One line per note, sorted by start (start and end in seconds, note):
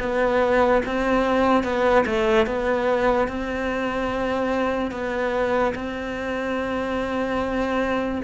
0.00 0.82 B3
0.86 1.64 C4
1.64 2.05 B3
2.07 2.47 A3
2.47 3.28 B3
3.28 4.92 C4
4.92 5.74 B3
5.75 8.22 C4